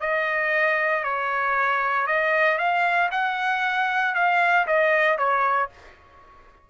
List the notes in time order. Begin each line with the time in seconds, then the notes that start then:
0.00 D#5
1.03 C#5
2.06 D#5
2.57 F5
3.11 F#5
4.14 F5
4.67 D#5
5.17 C#5